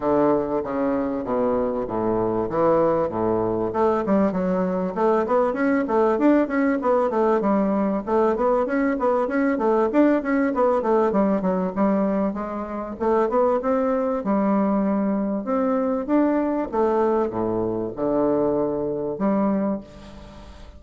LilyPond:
\new Staff \with { instrumentName = "bassoon" } { \time 4/4 \tempo 4 = 97 d4 cis4 b,4 a,4 | e4 a,4 a8 g8 fis4 | a8 b8 cis'8 a8 d'8 cis'8 b8 a8 | g4 a8 b8 cis'8 b8 cis'8 a8 |
d'8 cis'8 b8 a8 g8 fis8 g4 | gis4 a8 b8 c'4 g4~ | g4 c'4 d'4 a4 | a,4 d2 g4 | }